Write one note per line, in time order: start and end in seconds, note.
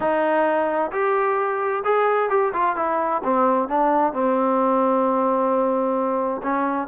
0.00 0.91 D#4
0.91 1.83 G4
1.84 2.29 G#4
2.29 2.52 G4
2.53 2.76 F4
2.76 3.21 E4
3.23 3.68 C4
3.68 4.12 D4
4.12 6.41 C4
6.42 6.87 C#4